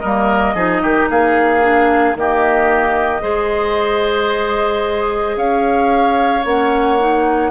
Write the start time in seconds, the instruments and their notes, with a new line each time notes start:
0.00 bassoon G3, clarinet A#3, oboe A#4, flute D#5
0.55 bassoon F3, clarinet D#4, oboe G#4
0.83 bassoon D#3, oboe G4
1.10 bassoon A#3, oboe G#4, flute F5
1.62 clarinet D4
2.15 bassoon D#3, clarinet A#3, oboe G4, flute D#5
3.21 bassoon G#3, clarinet G#4, oboe C5
5.36 bassoon C#4, oboe C#5, flute F5
6.45 bassoon A#3, clarinet C#4, flute F#5
6.99 clarinet D#4